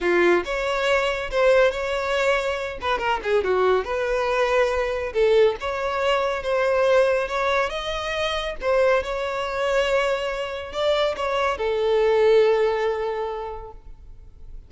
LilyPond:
\new Staff \with { instrumentName = "violin" } { \time 4/4 \tempo 4 = 140 f'4 cis''2 c''4 | cis''2~ cis''8 b'8 ais'8 gis'8 | fis'4 b'2. | a'4 cis''2 c''4~ |
c''4 cis''4 dis''2 | c''4 cis''2.~ | cis''4 d''4 cis''4 a'4~ | a'1 | }